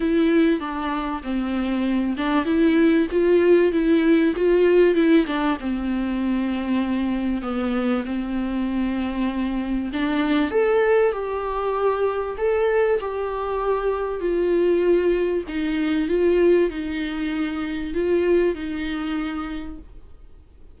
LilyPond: \new Staff \with { instrumentName = "viola" } { \time 4/4 \tempo 4 = 97 e'4 d'4 c'4. d'8 | e'4 f'4 e'4 f'4 | e'8 d'8 c'2. | b4 c'2. |
d'4 a'4 g'2 | a'4 g'2 f'4~ | f'4 dis'4 f'4 dis'4~ | dis'4 f'4 dis'2 | }